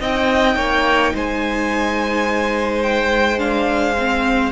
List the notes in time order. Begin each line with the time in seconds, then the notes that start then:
0.00 C4 D#4 D#5 G5
0.55 A#3 C#5
1.14 G#3 C5 G#5
2.83 G5
3.38 D4 F5
3.98 C4